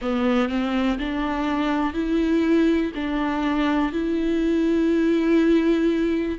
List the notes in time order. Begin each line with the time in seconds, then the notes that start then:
0.01 B3
0.48 C4
0.98 D4
1.93 E4
2.94 D4
3.92 E4